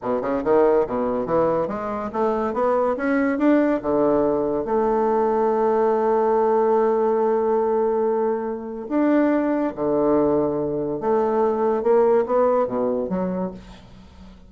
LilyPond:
\new Staff \with { instrumentName = "bassoon" } { \time 4/4 \tempo 4 = 142 b,8 cis8 dis4 b,4 e4 | gis4 a4 b4 cis'4 | d'4 d2 a4~ | a1~ |
a1~ | a4 d'2 d4~ | d2 a2 | ais4 b4 b,4 fis4 | }